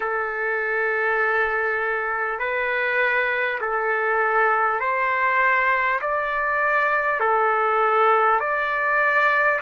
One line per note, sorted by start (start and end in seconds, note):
0.00 2.39 A4
2.39 3.59 B4
3.60 4.79 A4
4.79 5.99 C5
6.01 7.19 D5
7.19 8.39 A4
8.39 9.59 D5